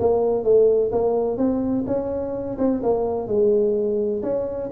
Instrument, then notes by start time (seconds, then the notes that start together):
tuba
0.00 A#3
0.44 A3
0.92 A#3
1.38 C4
1.87 C#4
2.58 C4
2.83 A#3
3.28 G#3
4.23 C#4